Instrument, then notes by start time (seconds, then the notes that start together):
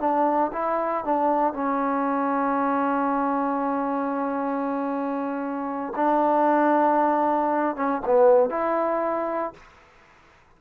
trombone
0.00 D4
0.53 E4
1.05 D4
1.54 C#4
5.96 D4
7.76 C#4
8.06 B3
8.50 E4